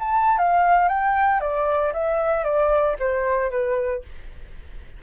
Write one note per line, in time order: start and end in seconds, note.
0.00 0.38 A5
0.38 0.89 F5
0.89 1.41 G5
1.41 1.93 D5
1.93 2.44 E5
2.44 2.96 D5
3.00 3.51 C5
3.51 4.03 B4